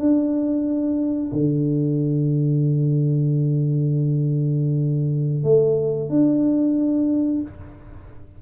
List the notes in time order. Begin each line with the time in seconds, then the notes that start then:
0.00 D4
1.33 D3
5.44 A3
6.10 D4